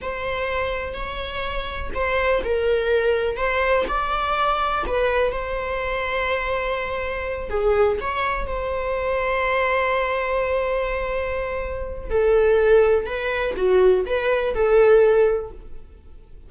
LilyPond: \new Staff \with { instrumentName = "viola" } { \time 4/4 \tempo 4 = 124 c''2 cis''2 | c''4 ais'2 c''4 | d''2 b'4 c''4~ | c''2.~ c''8 gis'8~ |
gis'8 cis''4 c''2~ c''8~ | c''1~ | c''4 a'2 b'4 | fis'4 b'4 a'2 | }